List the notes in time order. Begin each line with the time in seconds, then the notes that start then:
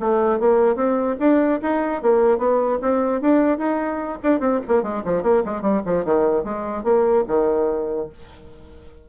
0.00 A3
0.40 A#3
0.76 C4
1.20 D4
1.62 D#4
2.02 A#3
2.38 B3
2.82 C4
3.21 D4
3.58 D#4
4.23 D4
4.40 C4
4.68 A#3
4.83 G#3
5.05 F3
5.23 A#3
5.45 G#3
5.62 G3
5.86 F3
6.05 D#3
6.44 G#3
6.84 A#3
7.28 D#3